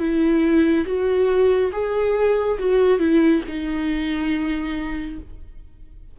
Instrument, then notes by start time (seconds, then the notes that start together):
viola
0.00 E4
0.86 F#4
1.73 G#4
2.59 F#4
2.99 E4
3.48 D#4